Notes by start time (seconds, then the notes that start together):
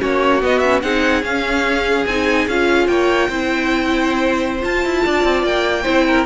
0.00 A#3 C#4 F#4 C#5
0.41 B3 D#5
0.60 C#4 E5
0.82 C4 D#4 G#4 F#5
1.23 C#4 F5
2.06 C4 D#4 G#5
2.48 C#4 F4 F5
2.87 A#3 C#5 G5
3.28 C4 E4 C5
4.60 F4 A5
4.85 E4
5.06 D4 D5
5.24 C4
5.44 A#3 G5
5.83 C4 E4 C5
6.08 A#4